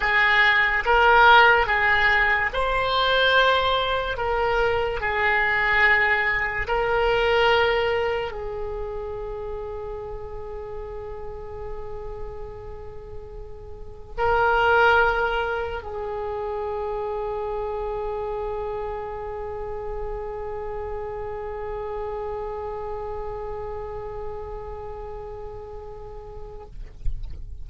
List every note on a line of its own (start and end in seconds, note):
0.00 0.83 G#4
0.85 1.66 A#4
1.66 2.50 G#4
2.53 4.17 C5
4.17 5.00 A#4
5.00 6.67 G#4
6.67 8.31 A#4
8.31 14.14 G#4
14.17 15.82 A#4
15.82 26.66 G#4